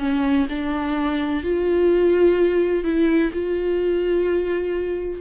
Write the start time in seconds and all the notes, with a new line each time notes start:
0.00 C#4
0.50 D4
1.44 F4
2.84 E4
3.33 F4